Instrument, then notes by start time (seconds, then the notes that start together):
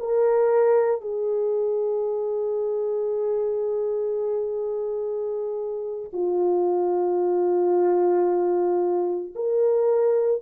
horn
0.00 A#4
1.01 G#4
6.13 F4
9.36 A#4